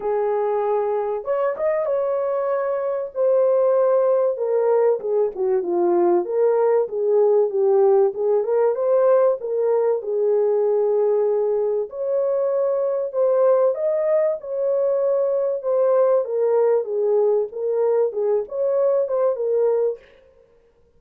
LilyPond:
\new Staff \with { instrumentName = "horn" } { \time 4/4 \tempo 4 = 96 gis'2 cis''8 dis''8 cis''4~ | cis''4 c''2 ais'4 | gis'8 fis'8 f'4 ais'4 gis'4 | g'4 gis'8 ais'8 c''4 ais'4 |
gis'2. cis''4~ | cis''4 c''4 dis''4 cis''4~ | cis''4 c''4 ais'4 gis'4 | ais'4 gis'8 cis''4 c''8 ais'4 | }